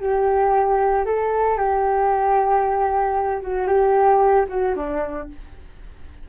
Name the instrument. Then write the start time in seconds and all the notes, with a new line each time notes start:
flute
0.00 G4
1.05 A4
1.57 G4
3.42 F#4
3.67 G4
4.49 F#4
4.76 D4